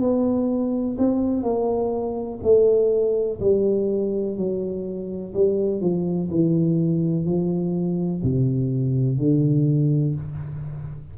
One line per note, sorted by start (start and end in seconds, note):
0.00 0.97 B3
0.98 1.43 C4
1.43 2.40 A#3
2.43 3.40 A3
3.40 4.36 G3
4.36 5.33 F#3
5.34 5.81 G3
5.81 6.29 F3
6.30 7.25 E3
7.25 8.22 F3
8.23 9.18 C3
9.18 10.15 D3